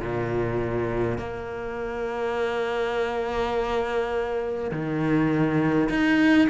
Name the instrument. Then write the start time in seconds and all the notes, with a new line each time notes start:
cello
0.00 A#2
1.18 A#3
4.71 D#3
5.89 D#4